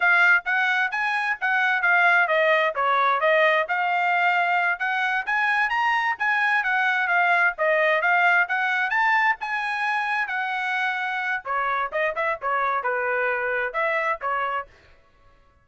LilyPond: \new Staff \with { instrumentName = "trumpet" } { \time 4/4 \tempo 4 = 131 f''4 fis''4 gis''4 fis''4 | f''4 dis''4 cis''4 dis''4 | f''2~ f''8 fis''4 gis''8~ | gis''8 ais''4 gis''4 fis''4 f''8~ |
f''8 dis''4 f''4 fis''4 a''8~ | a''8 gis''2 fis''4.~ | fis''4 cis''4 dis''8 e''8 cis''4 | b'2 e''4 cis''4 | }